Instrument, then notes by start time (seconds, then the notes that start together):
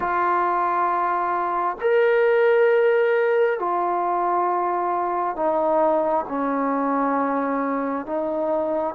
trombone
0.00 F4
1.80 A#4
3.59 F4
5.35 D#4
6.28 C#4
8.06 D#4